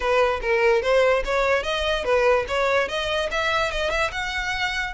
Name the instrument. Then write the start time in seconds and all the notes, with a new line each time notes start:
violin
0.00 B4
0.41 A#4
0.82 C5
1.24 C#5
1.63 D#5
2.04 B4
2.48 C#5
2.88 D#5
3.31 E5
3.71 D#5
3.90 E5
4.11 F#5